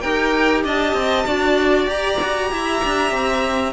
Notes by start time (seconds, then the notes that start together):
0.00 D#4 G4 A#4 G5
0.64 D4 D#5 A5
0.93 C4
1.25 D4 F#4 D5
1.86 G4 A#5
2.22 F#4
2.51 E4 E5
2.84 D4
3.11 C4